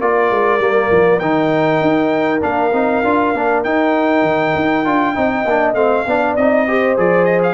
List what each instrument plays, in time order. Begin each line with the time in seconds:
0.00 tuba A#3, trombone F4, horn A#4, trumpet D5
0.30 tuba G#3
0.59 tuba G3, trombone A#3
0.91 tuba F3
1.19 tuba D#3, trombone D#4, trumpet G5
1.81 tuba D#4
2.41 tuba A#3, trombone D4, trumpet F5
2.72 tuba C4, trombone D#4
3.04 tuba D4, trombone F4
3.34 tuba A#3, trombone D4
3.64 tuba D#4, trombone D#4, trumpet G5
4.22 tuba D#3
4.55 tuba D#4
4.85 tuba D4, trombone F4
5.15 tuba C4, trombone D#4, horn D#5
5.44 tuba A#3, trombone D4
5.74 tuba A3, trombone C4, trumpet F5
6.07 tuba B3, trombone D4, horn D5
6.36 tuba C4, trombone D#4, trumpet D#5
6.67 trombone G4, horn C5
6.97 tuba F3, trombone G#4, trumpet D5
7.25 trumpet D#5
7.43 trumpet F5